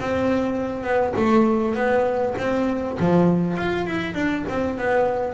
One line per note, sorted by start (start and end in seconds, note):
0.00 0.83 C4
0.83 1.13 B3
1.16 1.75 A3
1.75 2.35 B3
2.38 2.98 C4
2.99 3.57 F3
3.57 3.87 F4
3.87 4.15 E4
4.15 4.45 D4
4.49 4.78 C4
4.78 5.34 B3